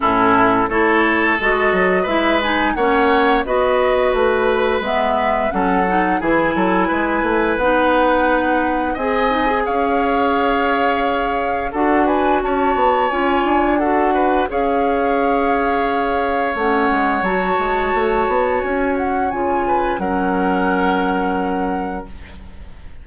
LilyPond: <<
  \new Staff \with { instrumentName = "flute" } { \time 4/4 \tempo 4 = 87 a'4 cis''4 dis''4 e''8 gis''8 | fis''4 dis''4 b'4 e''4 | fis''4 gis''2 fis''4~ | fis''4 gis''4 f''2~ |
f''4 fis''8 gis''8 a''4 gis''4 | fis''4 f''2. | fis''4 a''2 gis''8 fis''8 | gis''4 fis''2. | }
  \new Staff \with { instrumentName = "oboe" } { \time 4/4 e'4 a'2 b'4 | cis''4 b'2. | a'4 gis'8 a'8 b'2~ | b'4 dis''4 cis''2~ |
cis''4 a'8 b'8 cis''2 | a'8 b'8 cis''2.~ | cis''1~ | cis''8 b'8 ais'2. | }
  \new Staff \with { instrumentName = "clarinet" } { \time 4/4 cis'4 e'4 fis'4 e'8 dis'8 | cis'4 fis'2 b4 | cis'8 dis'8 e'2 dis'4~ | dis'4 gis'8 dis'16 gis'2~ gis'16~ |
gis'4 fis'2 f'4 | fis'4 gis'2. | cis'4 fis'2. | f'4 cis'2. | }
  \new Staff \with { instrumentName = "bassoon" } { \time 4/4 a,4 a4 gis8 fis8 gis4 | ais4 b4 a4 gis4 | fis4 e8 fis8 gis8 a8 b4~ | b4 c'4 cis'2~ |
cis'4 d'4 cis'8 b8 cis'8 d'8~ | d'4 cis'2. | a8 gis8 fis8 gis8 a8 b8 cis'4 | cis4 fis2. | }
>>